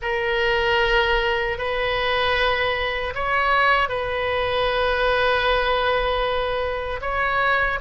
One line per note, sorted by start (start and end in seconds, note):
0.02 1.58 A#4
1.58 3.13 B4
3.14 3.89 C#5
3.89 7.00 B4
7.01 7.79 C#5